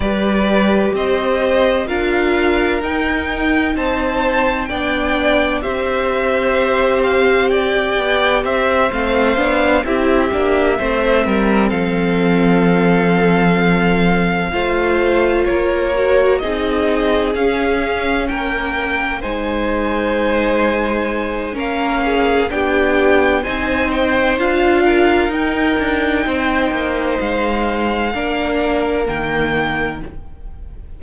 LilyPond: <<
  \new Staff \with { instrumentName = "violin" } { \time 4/4 \tempo 4 = 64 d''4 dis''4 f''4 g''4 | a''4 g''4 e''4. f''8 | g''4 e''8 f''4 e''4.~ | e''8 f''2.~ f''8~ |
f''8 cis''4 dis''4 f''4 g''8~ | g''8 gis''2~ gis''8 f''4 | g''4 gis''8 g''8 f''4 g''4~ | g''4 f''2 g''4 | }
  \new Staff \with { instrumentName = "violin" } { \time 4/4 b'4 c''4 ais'2 | c''4 d''4 c''2 | d''4 c''4. g'4 c''8 | ais'8 a'2. c''8~ |
c''8 ais'4 gis'2 ais'8~ | ais'8 c''2~ c''8 ais'8 gis'8 | g'4 c''4. ais'4. | c''2 ais'2 | }
  \new Staff \with { instrumentName = "viola" } { \time 4/4 g'2 f'4 dis'4~ | dis'4 d'4 g'2~ | g'4. c'8 d'8 e'8 d'8 c'8~ | c'2.~ c'8 f'8~ |
f'4 fis'8 dis'4 cis'4.~ | cis'8 dis'2~ dis'8 cis'4 | d'4 dis'4 f'4 dis'4~ | dis'2 d'4 ais4 | }
  \new Staff \with { instrumentName = "cello" } { \time 4/4 g4 c'4 d'4 dis'4 | c'4 b4 c'2~ | c'8 b8 c'8 a8 b8 c'8 ais8 a8 | g8 f2. a8~ |
a8 ais4 c'4 cis'4 ais8~ | ais8 gis2~ gis8 ais4 | b4 c'4 d'4 dis'8 d'8 | c'8 ais8 gis4 ais4 dis4 | }
>>